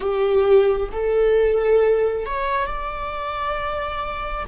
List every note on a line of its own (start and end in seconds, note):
0.00 0.90 G4
0.92 2.25 A4
2.25 2.66 C#5
2.66 4.45 D5